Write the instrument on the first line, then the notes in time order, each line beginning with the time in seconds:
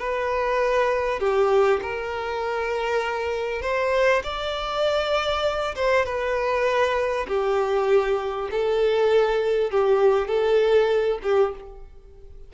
violin
0.00 B4
1.20 G4
1.83 A#4
3.62 C5
4.24 D5
5.76 C5
6.06 B4
7.28 G4
8.52 A4
9.72 G4
10.28 A4
11.23 G4